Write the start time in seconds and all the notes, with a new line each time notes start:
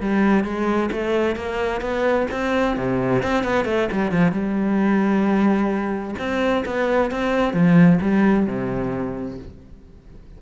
0.00 G3
0.44 G#3
0.91 A3
1.36 A#3
1.81 B3
2.31 C4
2.77 C3
3.22 C4
3.44 B3
3.65 A3
3.92 G3
4.11 F3
4.32 G3
6.18 C4
6.65 B3
7.11 C4
7.53 F3
8.01 G3
8.46 C3